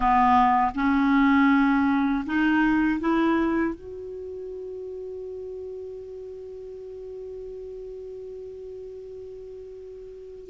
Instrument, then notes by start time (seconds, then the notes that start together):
clarinet
0.00 B3
0.75 C#4
2.25 D#4
3.00 E4
3.75 F#4